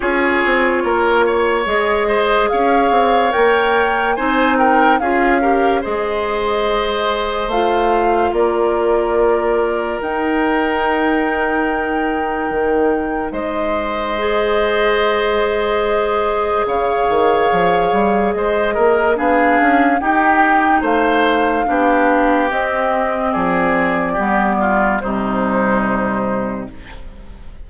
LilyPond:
<<
  \new Staff \with { instrumentName = "flute" } { \time 4/4 \tempo 4 = 72 cis''2 dis''4 f''4 | g''4 gis''8 g''8 f''4 dis''4~ | dis''4 f''4 d''2 | g''1 |
dis''1 | f''2 dis''4 f''4 | g''4 f''2 dis''4 | d''2 c''2 | }
  \new Staff \with { instrumentName = "oboe" } { \time 4/4 gis'4 ais'8 cis''4 c''8 cis''4~ | cis''4 c''8 ais'8 gis'8 ais'8 c''4~ | c''2 ais'2~ | ais'1 |
c''1 | cis''2 c''8 ais'8 gis'4 | g'4 c''4 g'2 | gis'4 g'8 f'8 dis'2 | }
  \new Staff \with { instrumentName = "clarinet" } { \time 4/4 f'2 gis'2 | ais'4 dis'4 f'8 g'8 gis'4~ | gis'4 f'2. | dis'1~ |
dis'4 gis'2.~ | gis'2. d'4 | dis'2 d'4 c'4~ | c'4 b4 g2 | }
  \new Staff \with { instrumentName = "bassoon" } { \time 4/4 cis'8 c'8 ais4 gis4 cis'8 c'8 | ais4 c'4 cis'4 gis4~ | gis4 a4 ais2 | dis'2. dis4 |
gis1 | cis8 dis8 f8 g8 gis8 ais8 b8 cis'8 | dis'4 a4 b4 c'4 | f4 g4 c2 | }
>>